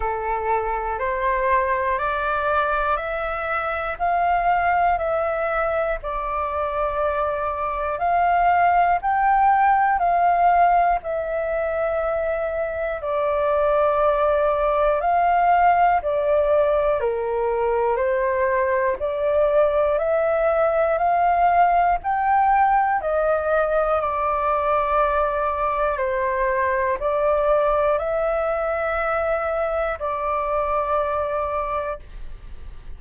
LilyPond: \new Staff \with { instrumentName = "flute" } { \time 4/4 \tempo 4 = 60 a'4 c''4 d''4 e''4 | f''4 e''4 d''2 | f''4 g''4 f''4 e''4~ | e''4 d''2 f''4 |
d''4 ais'4 c''4 d''4 | e''4 f''4 g''4 dis''4 | d''2 c''4 d''4 | e''2 d''2 | }